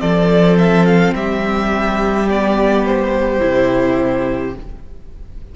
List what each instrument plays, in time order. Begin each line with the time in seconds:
0.00 cello F3, viola C4, violin A4 D5
0.59 violin E5
0.86 violin F5
1.14 cello G3, violin G4 E5
2.30 viola B3, violin D5
2.86 violin C5
3.40 cello C3, viola E4